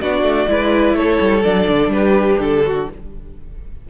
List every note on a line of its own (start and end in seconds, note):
0.00 0.23 B3
0.00 0.48 D4
0.00 0.50 F#4
0.00 0.96 D5
0.23 0.47 A3
0.48 0.94 G#3
0.48 1.43 E4
0.48 0.97 B4
0.94 1.18 A3
0.94 1.93 A4
0.94 1.43 C#5
1.20 1.44 G3
1.43 1.68 F#3
1.43 2.87 D4
1.43 1.91 D5
1.68 1.88 D3
1.88 2.36 G3
1.88 2.65 G4
1.88 2.40 B4
2.40 2.88 D3
2.40 2.89 A4
2.66 2.90 F#4